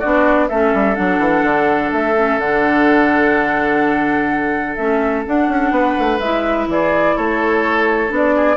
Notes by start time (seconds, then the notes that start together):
0.00 B3 D4 F#4 D5
0.49 A3 C#4 A4 E5
0.74 G3
0.95 F#3 D4 F#5
1.19 E3
1.44 D3
1.92 A3 E5
2.17 C#4
2.38 D3 D4 F#5
4.76 A3 C#4 E5
5.26 D4 F#5
5.48 C#4
5.71 B3 B4
5.99 A3
6.20 G#3 E4 E5
6.68 E3 G#4 D5
7.16 A3 A4 C#5
8.09 B3 D4
8.16 D5
8.36 G#4